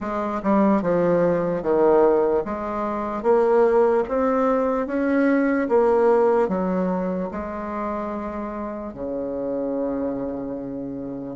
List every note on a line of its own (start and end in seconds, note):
0.00 0.41 G#3
0.42 0.82 G3
0.82 1.62 F3
1.62 2.43 D#3
2.44 3.22 G#3
3.22 4.03 A#3
4.08 4.86 C4
4.86 5.68 C#4
5.68 6.48 A#3
6.48 7.29 F#3
7.31 8.93 G#3
8.93 11.36 C#3